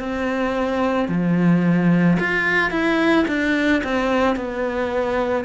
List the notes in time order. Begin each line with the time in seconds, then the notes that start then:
0.00 C4
1.09 F3
2.20 F4
2.71 E4
3.28 D4
3.84 C4
4.37 B3